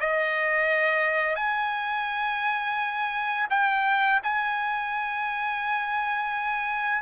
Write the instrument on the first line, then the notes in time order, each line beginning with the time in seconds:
trumpet
0.00 D#5
1.36 G#5
3.50 G5
4.24 G#5